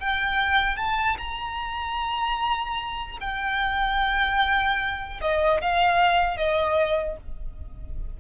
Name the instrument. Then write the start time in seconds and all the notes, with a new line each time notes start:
violin
0.00 G5
0.77 A5
1.18 A#5
3.21 G5
5.21 D#5
5.61 F5
6.37 D#5